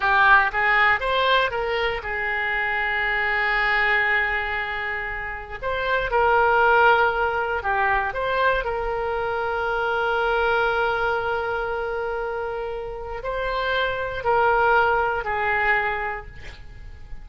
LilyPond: \new Staff \with { instrumentName = "oboe" } { \time 4/4 \tempo 4 = 118 g'4 gis'4 c''4 ais'4 | gis'1~ | gis'2. c''4 | ais'2. g'4 |
c''4 ais'2.~ | ais'1~ | ais'2 c''2 | ais'2 gis'2 | }